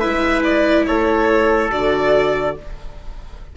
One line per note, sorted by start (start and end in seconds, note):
0.00 0.89 G#3
0.00 1.71 E4
0.00 0.85 B4
0.00 0.42 E5
0.43 0.86 D5
0.86 1.72 A3
0.86 2.57 A4
0.86 1.71 C#5
1.71 2.56 D3
1.71 2.55 F#4
1.71 2.56 D5